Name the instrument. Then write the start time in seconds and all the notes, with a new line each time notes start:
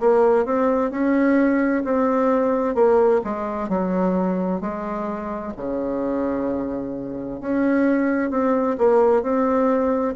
bassoon
0.00 A#3
0.45 C4
0.91 C#4
1.84 C4
2.74 A#3
3.24 G#3
3.69 F#3
4.61 G#3
5.56 C#3
7.40 C#4
8.30 C4
8.78 A#3
9.22 C4